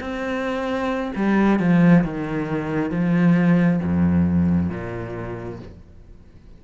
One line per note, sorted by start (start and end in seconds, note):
0.00 1.12 C4
1.16 1.60 G3
1.60 2.04 F3
2.04 2.91 D#3
2.91 3.80 F3
3.83 4.70 F2
4.70 5.59 A#2